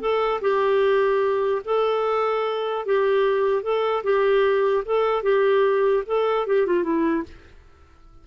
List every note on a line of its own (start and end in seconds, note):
0.00 0.40 A4
0.41 1.62 G4
1.64 2.85 A4
2.85 3.63 G4
3.63 4.03 A4
4.03 4.84 G4
4.85 5.23 A4
5.23 6.03 G4
6.06 6.46 A4
6.46 6.66 G4
6.66 6.83 F4
6.83 7.23 E4